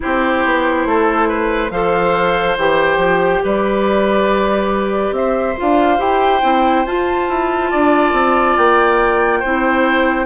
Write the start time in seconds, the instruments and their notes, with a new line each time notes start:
0.00 bassoon C4, clarinet E4, oboe G4, flute C5
0.44 bassoon B3
0.85 bassoon A3, oboe A4
1.28 oboe B4
1.70 bassoon F3, clarinet A4, oboe C5, flute F5
2.57 bassoon E3, clarinet G4, flute G5
2.97 bassoon F3
3.43 bassoon G3, oboe B4, flute D5
5.11 bassoon C4, oboe C5, flute E5
5.57 bassoon D4, clarinet F4, flute F5
5.97 bassoon E4, clarinet G4, flute G5
6.42 bassoon C4, clarinet E4
6.86 bassoon F4, clarinet F4, flute A5
7.29 bassoon E4
7.71 bassoon D4, oboe D5
8.12 bassoon C4
8.57 bassoon A#3, flute G5
9.39 bassoon C4, clarinet E4, oboe C5